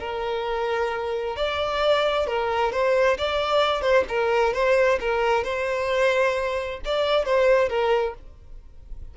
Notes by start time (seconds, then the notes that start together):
0.00 A#4
1.36 D5
2.27 A#4
2.72 C5
3.18 D5
3.82 C5
4.09 A#4
4.54 C5
5.00 A#4
5.44 C5
6.85 D5
7.25 C5
7.69 A#4